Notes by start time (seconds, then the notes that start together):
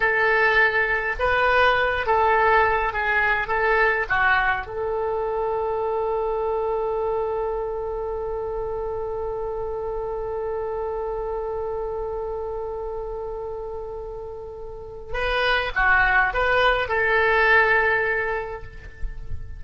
0.00 A4
1.19 B4
2.06 A4
2.93 G#4
3.47 A4
4.09 F#4
4.66 A4
15.13 B4
15.75 F#4
16.33 B4
16.88 A4